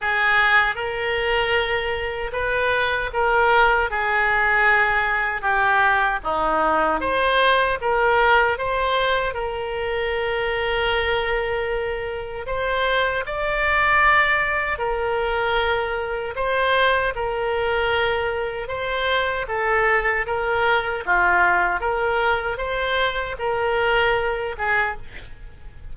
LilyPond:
\new Staff \with { instrumentName = "oboe" } { \time 4/4 \tempo 4 = 77 gis'4 ais'2 b'4 | ais'4 gis'2 g'4 | dis'4 c''4 ais'4 c''4 | ais'1 |
c''4 d''2 ais'4~ | ais'4 c''4 ais'2 | c''4 a'4 ais'4 f'4 | ais'4 c''4 ais'4. gis'8 | }